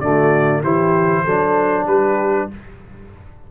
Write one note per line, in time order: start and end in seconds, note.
0.00 0.62 D3
0.00 0.64 A3
0.00 0.62 F#4
0.00 0.62 D5
0.62 1.25 E3
0.62 1.26 E4
0.62 1.24 G4
0.62 1.87 C5
1.24 1.86 F#3
1.24 2.51 D4
1.24 1.86 A4
1.86 2.48 G3
1.86 2.49 G4
1.86 2.49 B4